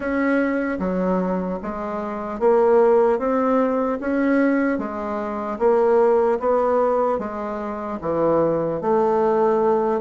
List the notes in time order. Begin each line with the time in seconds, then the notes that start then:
0.00 C#4
0.79 F#3
1.62 G#3
2.39 A#3
3.19 C4
4.00 C#4
4.78 G#3
5.58 A#3
6.39 B3
7.19 G#3
8.01 E3
8.81 A3